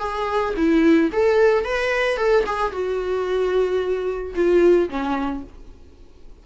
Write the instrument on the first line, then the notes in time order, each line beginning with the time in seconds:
viola
0.00 G#4
0.57 E4
1.12 A4
1.65 B4
2.17 A4
2.46 G#4
2.72 F#4
4.35 F4
4.90 C#4